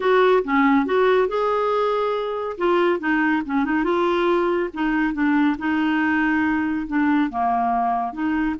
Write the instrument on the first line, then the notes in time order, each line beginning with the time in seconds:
clarinet
0.00 F#4
0.44 C#4
0.85 F#4
1.28 G#4
2.57 F4
2.99 D#4
3.45 C#4
3.64 D#4
3.84 F4
4.73 D#4
5.13 D4
5.58 D#4
6.87 D4
7.30 A#3
8.13 D#4